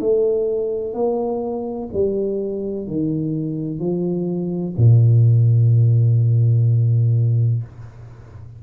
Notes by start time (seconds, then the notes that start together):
0.00 A3
0.94 A#3
1.94 G3
2.87 D#3
3.80 F3
4.77 A#2